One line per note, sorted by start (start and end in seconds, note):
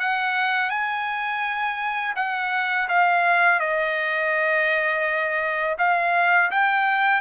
0.00 0.70 F#5
0.70 2.15 G#5
2.16 2.88 F#5
2.89 3.60 F5
3.60 5.77 D#5
5.78 6.51 F5
6.51 7.21 G5